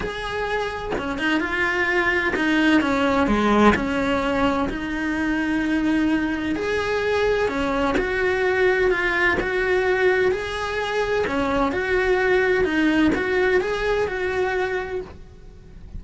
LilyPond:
\new Staff \with { instrumentName = "cello" } { \time 4/4 \tempo 4 = 128 gis'2 cis'8 dis'8 f'4~ | f'4 dis'4 cis'4 gis4 | cis'2 dis'2~ | dis'2 gis'2 |
cis'4 fis'2 f'4 | fis'2 gis'2 | cis'4 fis'2 dis'4 | fis'4 gis'4 fis'2 | }